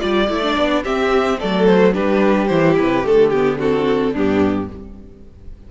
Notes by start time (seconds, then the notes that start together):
0.00 G3 F4 D5
0.29 A3 E4
0.42 D4
0.58 B3
0.83 C4 G4 E5
1.39 F#3 A3 A4 D5
1.66 C5
1.93 G3 D4 G4 B4
2.48 E3 E4 C5
2.79 C3 B4
3.04 D3 A3 A4
3.31 B3 G4
3.58 C4 F#4 A4
4.12 G2 B3 D4 G4